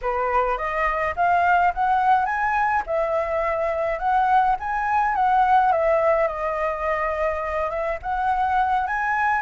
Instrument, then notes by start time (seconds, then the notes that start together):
flute
0.01 B4
0.57 D#5
1.16 F5
1.74 F#5
2.25 G#5
2.86 E5
3.98 F#5
4.59 G#5
5.15 F#5
5.72 E5
6.27 D#5
7.70 E5
8.02 F#5
8.87 G#5